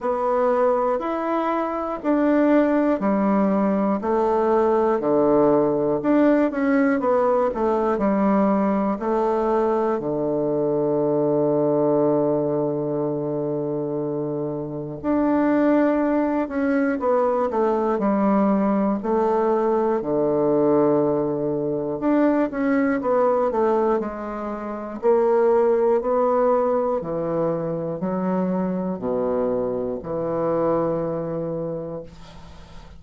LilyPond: \new Staff \with { instrumentName = "bassoon" } { \time 4/4 \tempo 4 = 60 b4 e'4 d'4 g4 | a4 d4 d'8 cis'8 b8 a8 | g4 a4 d2~ | d2. d'4~ |
d'8 cis'8 b8 a8 g4 a4 | d2 d'8 cis'8 b8 a8 | gis4 ais4 b4 e4 | fis4 b,4 e2 | }